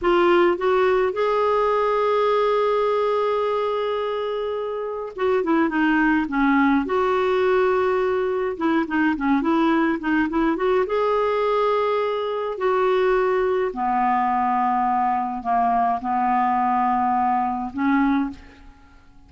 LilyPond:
\new Staff \with { instrumentName = "clarinet" } { \time 4/4 \tempo 4 = 105 f'4 fis'4 gis'2~ | gis'1~ | gis'4 fis'8 e'8 dis'4 cis'4 | fis'2. e'8 dis'8 |
cis'8 e'4 dis'8 e'8 fis'8 gis'4~ | gis'2 fis'2 | b2. ais4 | b2. cis'4 | }